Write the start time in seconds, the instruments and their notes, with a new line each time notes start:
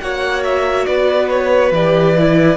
0.00 cello A#3, viola F#4, violin C#5 F#5
0.44 violin E5
0.85 cello B3, violin B4 D5
1.29 violin C#5
1.71 cello E3, viola G4, violin D5
2.17 viola E4